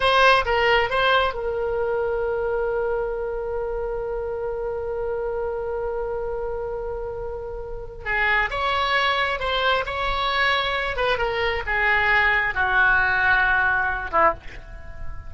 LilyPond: \new Staff \with { instrumentName = "oboe" } { \time 4/4 \tempo 4 = 134 c''4 ais'4 c''4 ais'4~ | ais'1~ | ais'1~ | ais'1~ |
ais'2 gis'4 cis''4~ | cis''4 c''4 cis''2~ | cis''8 b'8 ais'4 gis'2 | fis'2.~ fis'8 e'8 | }